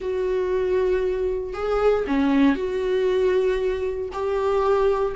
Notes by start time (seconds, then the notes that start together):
0.00 F#4
1.53 G#4
2.07 C#4
2.55 F#4
4.12 G4